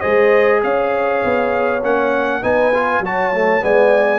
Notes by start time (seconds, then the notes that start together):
0.00 G#3 G#4 C5 D#5
0.63 C#4 C#5 F5
1.24 B3
1.83 A#3 C#4 F#5
2.41 B3 D#4 B4 G#5
2.74 F4
2.99 F#3 F#4 C#5 A5
3.32 A3
3.60 G#3 B3 D5 G#5